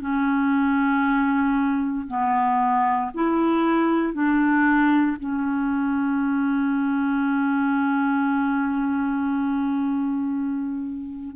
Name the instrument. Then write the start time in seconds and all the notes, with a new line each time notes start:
clarinet
0.00 C#4
2.07 B3
3.14 E4
4.13 D4
5.19 C#4